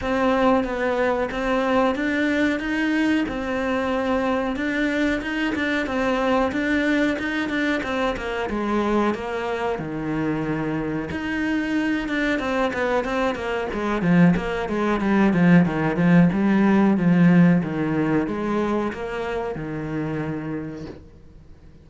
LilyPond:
\new Staff \with { instrumentName = "cello" } { \time 4/4 \tempo 4 = 92 c'4 b4 c'4 d'4 | dis'4 c'2 d'4 | dis'8 d'8 c'4 d'4 dis'8 d'8 | c'8 ais8 gis4 ais4 dis4~ |
dis4 dis'4. d'8 c'8 b8 | c'8 ais8 gis8 f8 ais8 gis8 g8 f8 | dis8 f8 g4 f4 dis4 | gis4 ais4 dis2 | }